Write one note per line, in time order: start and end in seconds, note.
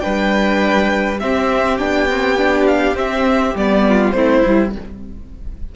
0.00 1.23 G3
0.00 1.18 D4
0.00 1.20 B4
0.00 1.18 G5
1.20 1.80 C4
1.20 3.88 G4
1.20 1.78 E5
1.78 2.95 B3
1.78 2.09 D4
1.78 2.66 G5
2.10 2.38 C4
2.38 2.95 D4
2.67 2.96 F5
2.95 3.54 C4
2.95 3.57 E5
3.55 4.14 G3
3.55 4.16 B3
3.55 4.11 D5
3.88 4.16 F4
4.11 4.43 A3
4.11 4.42 C4
4.11 4.75 E4
4.11 4.70 C5
4.42 4.76 G3
4.42 4.72 E4